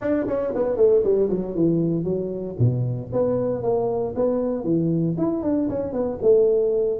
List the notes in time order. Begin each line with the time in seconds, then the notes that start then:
0.01 D4
0.27 C#4
0.54 B3
0.76 A3
1.03 G3
1.29 F#3
1.55 E3
2.04 F#3
2.59 B2
3.12 B3
3.62 A#3
4.15 B3
4.64 E3
5.17 E4
5.43 D4
5.69 C#4
5.92 B3
6.22 A3